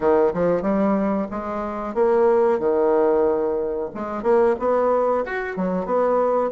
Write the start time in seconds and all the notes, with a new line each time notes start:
0.00 D#3
0.33 F3
0.62 G3
1.30 G#3
1.94 A#3
2.59 D#3
3.94 G#3
4.22 A#3
4.59 B3
5.25 F#4
5.56 F#3
5.85 B3